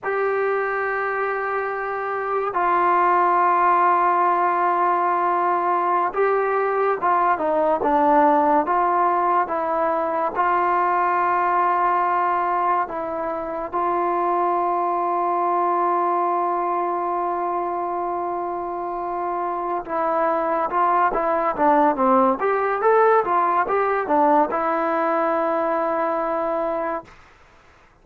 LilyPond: \new Staff \with { instrumentName = "trombone" } { \time 4/4 \tempo 4 = 71 g'2. f'4~ | f'2.~ f'16 g'8.~ | g'16 f'8 dis'8 d'4 f'4 e'8.~ | e'16 f'2. e'8.~ |
e'16 f'2.~ f'8.~ | f'2.~ f'8 e'8~ | e'8 f'8 e'8 d'8 c'8 g'8 a'8 f'8 | g'8 d'8 e'2. | }